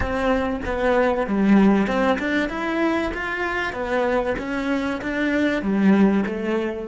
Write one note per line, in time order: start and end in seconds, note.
0.00 0.60 C4
0.65 1.26 B3
1.26 1.87 G3
1.87 2.18 C4
2.18 2.49 D4
2.49 3.11 E4
3.13 3.72 F4
3.72 4.35 B3
4.38 5.01 C#4
5.01 5.62 D4
5.62 6.24 G3
6.26 6.88 A3